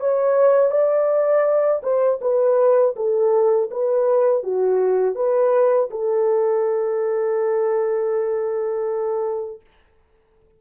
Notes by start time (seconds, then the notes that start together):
0.00 C#5
0.71 D5
1.83 C5
2.22 B4
2.96 A4
3.71 B4
4.43 F#4
5.15 B4
5.91 A4